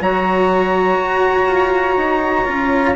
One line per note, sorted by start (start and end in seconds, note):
0.00 0.98 F#3
0.00 2.45 F#4
0.00 2.95 C#5
0.00 2.95 A#5
1.00 1.46 F#4
1.46 1.95 F4
1.97 2.46 D#4
2.45 2.95 C#4
2.45 2.94 F4